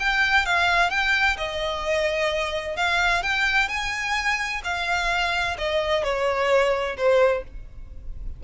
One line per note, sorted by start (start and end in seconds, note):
0.00 0.46 G5
0.46 0.90 F5
0.90 1.37 G5
1.37 2.77 D#5
2.77 3.23 F5
3.23 3.69 G5
3.69 4.62 G#5
4.64 5.57 F5
5.58 6.04 D#5
6.04 6.97 C#5
6.97 7.44 C5